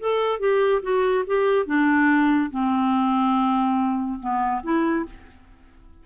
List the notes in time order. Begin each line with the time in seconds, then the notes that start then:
0.00 A4
0.40 G4
0.83 F#4
1.27 G4
1.66 D4
2.51 C4
4.20 B3
4.63 E4